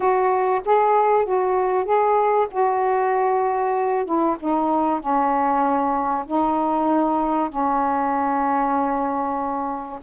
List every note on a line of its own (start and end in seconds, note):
0.00 0.61 F#4
0.65 1.25 G#4
1.25 1.84 F#4
1.84 2.47 G#4
2.50 4.05 F#4
4.05 4.36 E4
4.39 5.00 D#4
5.00 6.25 C#4
6.26 7.49 D#4
7.49 9.99 C#4